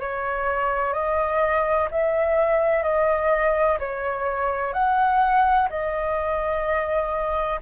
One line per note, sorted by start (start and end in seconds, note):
0.00 0.94 C#5
0.94 1.89 D#5
1.91 2.83 E5
2.83 3.78 D#5
3.79 4.73 C#5
4.73 5.68 F#5
5.70 7.61 D#5